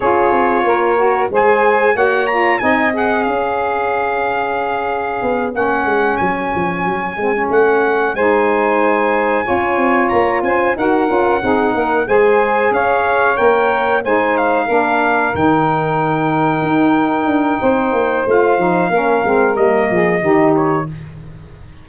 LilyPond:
<<
  \new Staff \with { instrumentName = "trumpet" } { \time 4/4 \tempo 4 = 92 cis''2 gis''4 fis''8 ais''8 | gis''8 fis''8 f''2.~ | f''8 fis''4 gis''2 fis''8~ | fis''8 gis''2. ais''8 |
gis''8 fis''2 gis''4 f''8~ | f''8 g''4 gis''8 f''4. g''8~ | g''1 | f''2 dis''4. cis''8 | }
  \new Staff \with { instrumentName = "saxophone" } { \time 4/4 gis'4 ais'4 c''4 cis''4 | dis''4 cis''2.~ | cis''1~ | cis''8 c''2 cis''4. |
c''8 ais'4 gis'8 ais'8 c''4 cis''8~ | cis''4. c''4 ais'4.~ | ais'2. c''4~ | c''4 ais'4. gis'8 g'4 | }
  \new Staff \with { instrumentName = "saxophone" } { \time 4/4 f'4. fis'8 gis'4 fis'8 f'8 | dis'8 gis'2.~ gis'8~ | gis'8 cis'2~ cis'8 c'16 cis'8.~ | cis'8 dis'2 f'4.~ |
f'8 fis'8 f'8 dis'4 gis'4.~ | gis'8 ais'4 dis'4 d'4 dis'8~ | dis'1 | f'8 dis'8 cis'8 c'8 ais4 dis'4 | }
  \new Staff \with { instrumentName = "tuba" } { \time 4/4 cis'8 c'8 ais4 gis4 ais4 | c'4 cis'2. | b8 ais8 gis8 fis8 f8 fis8 gis8 a8~ | a8 gis2 cis'8 c'8 ais8 |
cis'8 dis'8 cis'8 c'8 ais8 gis4 cis'8~ | cis'8 ais4 gis4 ais4 dis8~ | dis4. dis'4 d'8 c'8 ais8 | a8 f8 ais8 gis8 g8 f8 dis4 | }
>>